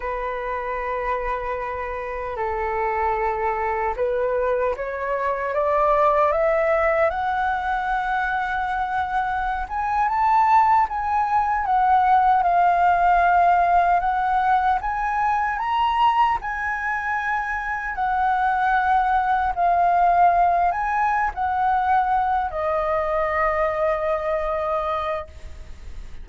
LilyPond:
\new Staff \with { instrumentName = "flute" } { \time 4/4 \tempo 4 = 76 b'2. a'4~ | a'4 b'4 cis''4 d''4 | e''4 fis''2.~ | fis''16 gis''8 a''4 gis''4 fis''4 f''16~ |
f''4.~ f''16 fis''4 gis''4 ais''16~ | ais''8. gis''2 fis''4~ fis''16~ | fis''8. f''4. gis''8. fis''4~ | fis''8 dis''2.~ dis''8 | }